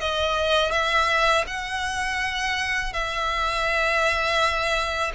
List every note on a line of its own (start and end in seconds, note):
0.00 0.71 D#5
0.71 1.44 E5
1.47 2.93 F#5
2.93 5.12 E5